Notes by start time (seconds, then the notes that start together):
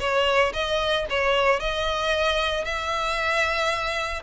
0.00 C#5
0.53 D#5
1.10 C#5
1.60 D#5
2.65 E5